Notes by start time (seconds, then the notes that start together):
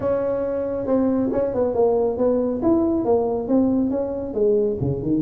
0.00 C#4
0.86 C4
1.32 C#4
1.54 B3
1.74 A#3
2.17 B3
2.62 E4
3.04 A#3
3.48 C4
3.90 C#4
4.34 G#3
4.80 C#3
5.02 D#3